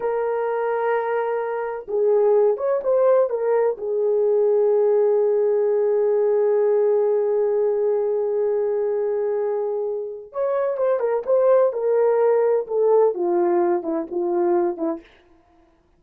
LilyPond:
\new Staff \with { instrumentName = "horn" } { \time 4/4 \tempo 4 = 128 ais'1 | gis'4. cis''8 c''4 ais'4 | gis'1~ | gis'1~ |
gis'1~ | gis'2 cis''4 c''8 ais'8 | c''4 ais'2 a'4 | f'4. e'8 f'4. e'8 | }